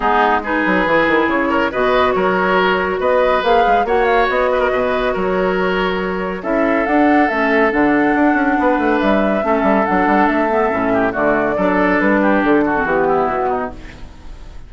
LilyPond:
<<
  \new Staff \with { instrumentName = "flute" } { \time 4/4 \tempo 4 = 140 gis'4 b'2 cis''4 | dis''4 cis''2 dis''4 | f''4 fis''8 f''8 dis''2 | cis''2. e''4 |
fis''4 e''4 fis''2~ | fis''4 e''2 fis''4 | e''2 d''2 | b'4 a'4 g'4 fis'4 | }
  \new Staff \with { instrumentName = "oboe" } { \time 4/4 dis'4 gis'2~ gis'8 ais'8 | b'4 ais'2 b'4~ | b'4 cis''4. b'16 ais'16 b'4 | ais'2. a'4~ |
a'1 | b'2 a'2~ | a'4. g'8 fis'4 a'4~ | a'8 g'4 fis'4 e'4 dis'8 | }
  \new Staff \with { instrumentName = "clarinet" } { \time 4/4 b4 dis'4 e'2 | fis'1 | gis'4 fis'2.~ | fis'2. e'4 |
d'4 cis'4 d'2~ | d'2 cis'4 d'4~ | d'8 b8 cis'4 a4 d'4~ | d'4.~ d'16 c'16 b2 | }
  \new Staff \with { instrumentName = "bassoon" } { \time 4/4 gis4. fis8 e8 dis8 cis4 | b,4 fis2 b4 | ais8 gis8 ais4 b4 b,4 | fis2. cis'4 |
d'4 a4 d4 d'8 cis'8 | b8 a8 g4 a8 g8 fis8 g8 | a4 a,4 d4 fis4 | g4 d4 e4 b,4 | }
>>